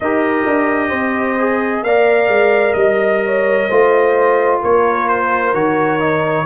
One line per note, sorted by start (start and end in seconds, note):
0.00 0.45 D#4
0.00 1.38 G4
0.00 0.88 A#4
0.00 1.83 D#5
0.45 0.91 D4
0.88 1.82 C4
0.88 1.81 C5
1.38 1.84 G#4
1.82 2.28 A#3
1.82 3.70 A#4
1.82 2.76 D5
1.82 2.73 F5
2.28 2.74 G#3
2.73 3.67 G3
2.73 4.57 D#5
2.73 3.22 D#5
3.25 3.68 C#5
3.68 4.62 A3
3.68 5.54 F4
3.68 4.60 C5
4.61 5.53 A#3
4.61 6.46 A#4
4.61 5.08 C#5
5.08 5.54 C5
5.53 6.46 D#3
5.53 5.99 F#4
5.53 6.46 C#5
5.99 6.45 D#4